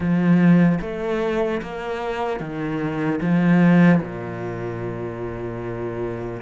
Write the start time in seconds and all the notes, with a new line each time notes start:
0.00 F3
0.81 A3
1.61 A#3
2.40 D#3
3.21 F3
4.01 A#2